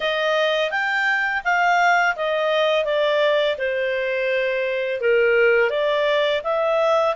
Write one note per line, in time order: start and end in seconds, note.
0.00 0.70 D#5
0.70 1.42 G5
1.44 2.15 F5
2.16 2.84 D#5
2.84 3.56 D5
3.58 5.00 C5
5.00 5.70 A#4
5.70 6.41 D5
6.43 7.15 E5